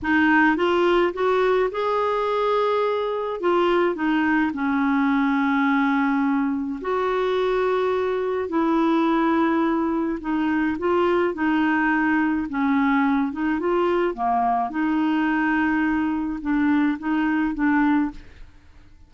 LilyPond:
\new Staff \with { instrumentName = "clarinet" } { \time 4/4 \tempo 4 = 106 dis'4 f'4 fis'4 gis'4~ | gis'2 f'4 dis'4 | cis'1 | fis'2. e'4~ |
e'2 dis'4 f'4 | dis'2 cis'4. dis'8 | f'4 ais4 dis'2~ | dis'4 d'4 dis'4 d'4 | }